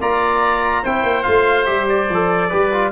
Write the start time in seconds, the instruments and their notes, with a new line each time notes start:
0.00 tuba A#3, trombone F4, oboe D5, trumpet A#5
0.83 tuba C4, trombone E4, oboe C5, trumpet G5
1.03 tuba A#3
1.23 tuba A3, trombone F4, trumpet F5
1.66 tuba G3, trombone G4, trumpet E5
1.89 trumpet D5
2.09 tuba F3, trombone A4
2.49 tuba G3, trombone G4, oboe B4
2.72 trombone F4